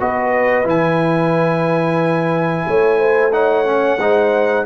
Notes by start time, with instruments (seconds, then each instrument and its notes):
0.00 tuba B3, trombone F#4, horn B4, trumpet D#5
0.65 tuba E3, trombone E4, trumpet G#5
2.68 tuba A3, horn C#5
3.00 horn C5
3.33 trombone D#4, horn C#5, trumpet F#5
3.65 trombone C#4
3.99 tuba G#3, trombone D#4, horn C5